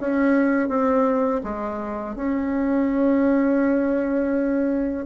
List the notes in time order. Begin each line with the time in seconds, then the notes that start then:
0.00 C#4
0.68 C4
1.43 G#3
2.16 C#4